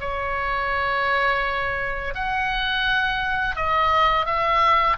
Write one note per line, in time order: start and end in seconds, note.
0.00 2.14 C#5
2.15 3.56 F#5
3.56 4.26 D#5
4.26 4.97 E5